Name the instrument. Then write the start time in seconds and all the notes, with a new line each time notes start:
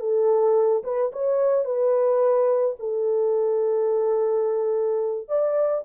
horn
0.00 A4
0.84 B4
1.13 C#5
1.65 B4
2.80 A4
5.29 D5